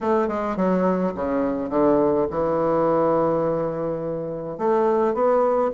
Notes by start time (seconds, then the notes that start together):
0.00 A3
0.28 G#3
0.56 F#3
1.15 C#3
1.69 D3
2.30 E3
4.58 A3
5.14 B3